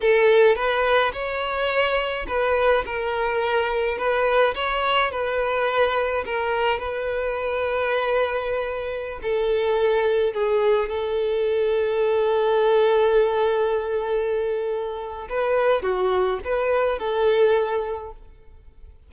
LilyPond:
\new Staff \with { instrumentName = "violin" } { \time 4/4 \tempo 4 = 106 a'4 b'4 cis''2 | b'4 ais'2 b'4 | cis''4 b'2 ais'4 | b'1~ |
b'16 a'2 gis'4 a'8.~ | a'1~ | a'2. b'4 | fis'4 b'4 a'2 | }